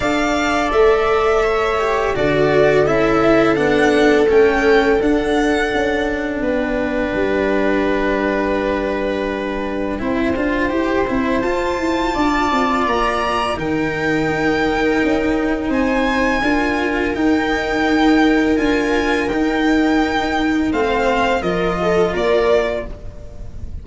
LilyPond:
<<
  \new Staff \with { instrumentName = "violin" } { \time 4/4 \tempo 4 = 84 f''4 e''2 d''4 | e''4 fis''4 g''4 fis''4~ | fis''4 g''2.~ | g''1 |
a''2 ais''4 g''4~ | g''2 gis''2 | g''2 gis''4 g''4~ | g''4 f''4 dis''4 d''4 | }
  \new Staff \with { instrumentName = "viola" } { \time 4/4 d''2 cis''4 a'4~ | a'1~ | a'4 b'2.~ | b'2 c''2~ |
c''4 d''2 ais'4~ | ais'2 c''4 ais'4~ | ais'1~ | ais'4 c''4 ais'8 a'8 ais'4 | }
  \new Staff \with { instrumentName = "cello" } { \time 4/4 a'2~ a'8 g'8 fis'4 | e'4 d'4 cis'4 d'4~ | d'1~ | d'2 e'8 f'8 g'8 e'8 |
f'2. dis'4~ | dis'2. f'4 | dis'2 f'4 dis'4~ | dis'4 c'4 f'2 | }
  \new Staff \with { instrumentName = "tuba" } { \time 4/4 d'4 a2 d4 | cis'4 b4 a4 d'4 | cis'4 b4 g2~ | g2 c'8 d'8 e'8 c'8 |
f'8 e'8 d'8 c'8 ais4 dis4 | dis'4 cis'4 c'4 d'4 | dis'2 d'4 dis'4~ | dis'4 a4 f4 ais4 | }
>>